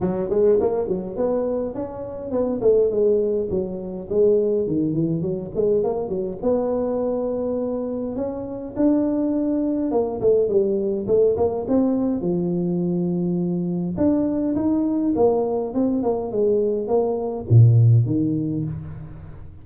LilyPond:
\new Staff \with { instrumentName = "tuba" } { \time 4/4 \tempo 4 = 103 fis8 gis8 ais8 fis8 b4 cis'4 | b8 a8 gis4 fis4 gis4 | dis8 e8 fis8 gis8 ais8 fis8 b4~ | b2 cis'4 d'4~ |
d'4 ais8 a8 g4 a8 ais8 | c'4 f2. | d'4 dis'4 ais4 c'8 ais8 | gis4 ais4 ais,4 dis4 | }